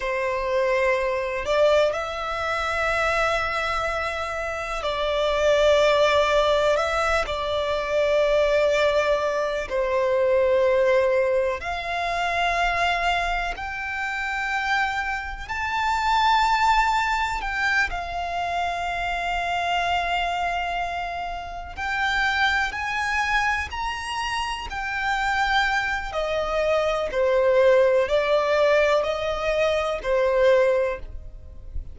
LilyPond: \new Staff \with { instrumentName = "violin" } { \time 4/4 \tempo 4 = 62 c''4. d''8 e''2~ | e''4 d''2 e''8 d''8~ | d''2 c''2 | f''2 g''2 |
a''2 g''8 f''4.~ | f''2~ f''8 g''4 gis''8~ | gis''8 ais''4 g''4. dis''4 | c''4 d''4 dis''4 c''4 | }